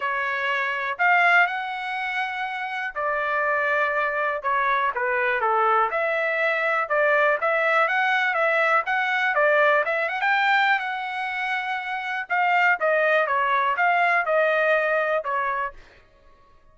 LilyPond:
\new Staff \with { instrumentName = "trumpet" } { \time 4/4 \tempo 4 = 122 cis''2 f''4 fis''4~ | fis''2 d''2~ | d''4 cis''4 b'4 a'4 | e''2 d''4 e''4 |
fis''4 e''4 fis''4 d''4 | e''8 fis''16 g''4~ g''16 fis''2~ | fis''4 f''4 dis''4 cis''4 | f''4 dis''2 cis''4 | }